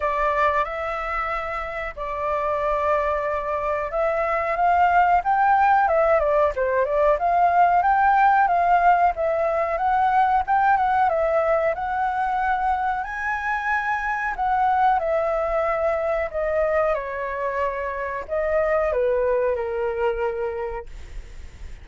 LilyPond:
\new Staff \with { instrumentName = "flute" } { \time 4/4 \tempo 4 = 92 d''4 e''2 d''4~ | d''2 e''4 f''4 | g''4 e''8 d''8 c''8 d''8 f''4 | g''4 f''4 e''4 fis''4 |
g''8 fis''8 e''4 fis''2 | gis''2 fis''4 e''4~ | e''4 dis''4 cis''2 | dis''4 b'4 ais'2 | }